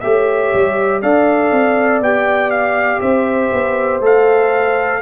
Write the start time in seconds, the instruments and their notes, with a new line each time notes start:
0.00 tuba A3, trombone G4, horn C#5, trumpet E5
0.54 tuba G3
1.02 tuba D4, trombone A4, horn D5, trumpet F5
1.51 tuba C4
2.00 tuba B3, trombone G4, trumpet G5
2.50 trumpet F5
3.00 tuba C4, horn C5, trumpet E5
3.52 tuba B3
4.00 tuba A3, trombone A4, trumpet F5